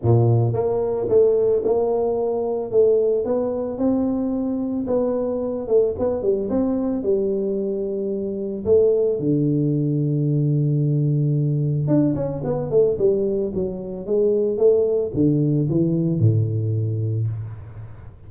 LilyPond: \new Staff \with { instrumentName = "tuba" } { \time 4/4 \tempo 4 = 111 ais,4 ais4 a4 ais4~ | ais4 a4 b4 c'4~ | c'4 b4. a8 b8 g8 | c'4 g2. |
a4 d2.~ | d2 d'8 cis'8 b8 a8 | g4 fis4 gis4 a4 | d4 e4 a,2 | }